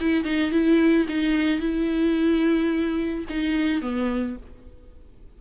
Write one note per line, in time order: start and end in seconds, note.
0.00 0.24 E4
0.24 0.51 D#4
0.51 1.06 E4
1.08 1.60 D#4
1.60 3.25 E4
3.29 3.81 D#4
3.81 4.36 B3